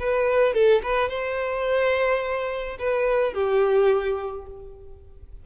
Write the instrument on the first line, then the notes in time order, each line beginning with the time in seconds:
violin
0.00 B4
0.54 A4
0.83 B4
1.10 C5
2.80 B4
3.34 G4